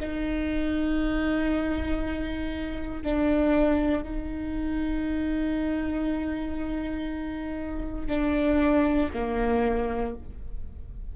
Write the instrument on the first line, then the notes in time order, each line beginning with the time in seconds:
viola
0.00 D#4
3.03 D4
4.03 D#4
8.08 D4
9.13 A#3